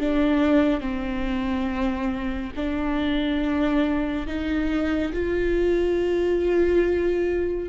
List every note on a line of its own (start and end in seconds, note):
0.00 0.81 D4
0.81 2.52 C4
2.56 4.27 D4
4.27 5.13 D#4
5.13 7.69 F4